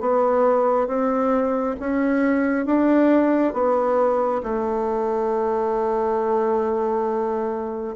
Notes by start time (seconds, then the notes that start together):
0.00 B3
0.87 C4
1.79 C#4
2.66 D4
3.53 B3
4.42 A3